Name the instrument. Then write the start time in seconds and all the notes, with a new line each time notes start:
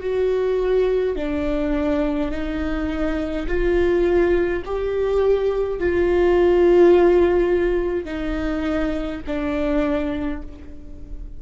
viola
0.00 F#4
1.16 D4
2.31 D#4
3.47 F4
4.65 G4
5.79 F4
8.05 D#4
9.27 D4